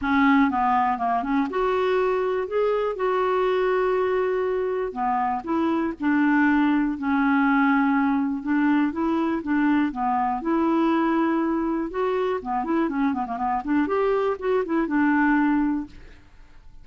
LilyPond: \new Staff \with { instrumentName = "clarinet" } { \time 4/4 \tempo 4 = 121 cis'4 b4 ais8 cis'8 fis'4~ | fis'4 gis'4 fis'2~ | fis'2 b4 e'4 | d'2 cis'2~ |
cis'4 d'4 e'4 d'4 | b4 e'2. | fis'4 b8 e'8 cis'8 b16 ais16 b8 d'8 | g'4 fis'8 e'8 d'2 | }